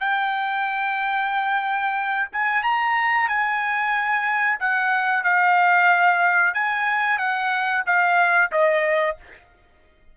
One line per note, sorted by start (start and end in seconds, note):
0.00 2.28 G5
2.32 2.63 G#5
2.63 3.28 A#5
3.28 4.59 G#5
4.60 5.24 F#5
5.24 6.54 F5
6.54 7.18 G#5
7.18 7.83 F#5
7.86 8.51 F5
8.52 9.17 D#5